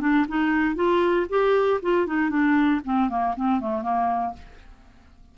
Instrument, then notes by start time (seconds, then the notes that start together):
clarinet
0.00 D4
0.28 D#4
0.75 F4
1.29 G4
1.82 F4
2.07 D#4
2.30 D4
2.84 C4
3.09 A#3
3.36 C4
3.60 A3
3.82 A#3